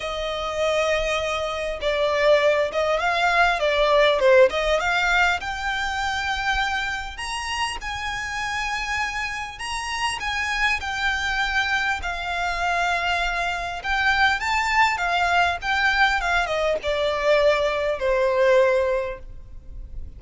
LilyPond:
\new Staff \with { instrumentName = "violin" } { \time 4/4 \tempo 4 = 100 dis''2. d''4~ | d''8 dis''8 f''4 d''4 c''8 dis''8 | f''4 g''2. | ais''4 gis''2. |
ais''4 gis''4 g''2 | f''2. g''4 | a''4 f''4 g''4 f''8 dis''8 | d''2 c''2 | }